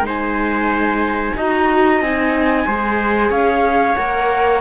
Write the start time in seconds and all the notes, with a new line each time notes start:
0.00 G#3 D#4 C5
0.08 G#5
1.36 D#4 F#4 D#5 A#5
2.00 C4 D#4 G#5
2.66 G#3 G#4 C5
3.30 C#4 C#5 F5
3.94 A#3 A#4 F#5